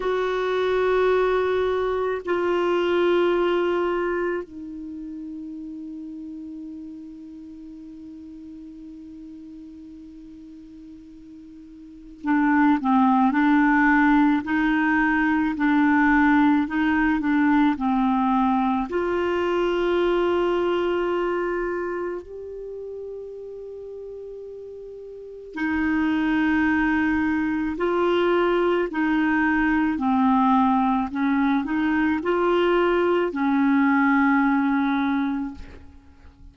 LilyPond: \new Staff \with { instrumentName = "clarinet" } { \time 4/4 \tempo 4 = 54 fis'2 f'2 | dis'1~ | dis'2. d'8 c'8 | d'4 dis'4 d'4 dis'8 d'8 |
c'4 f'2. | g'2. dis'4~ | dis'4 f'4 dis'4 c'4 | cis'8 dis'8 f'4 cis'2 | }